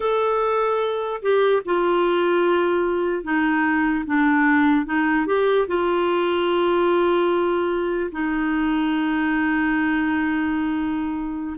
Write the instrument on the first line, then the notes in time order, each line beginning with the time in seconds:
clarinet
0.00 A4
1.22 G4
1.65 F4
3.23 D#4
4.05 D4
4.85 D#4
5.26 G4
5.67 F4
8.11 D#4